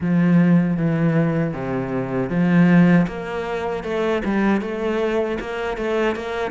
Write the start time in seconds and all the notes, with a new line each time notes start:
0.00 F3
0.76 E3
1.53 C3
2.29 F3
3.07 A#3
3.83 A3
4.24 G3
4.61 A3
5.40 A#3
5.77 A3
6.15 A#3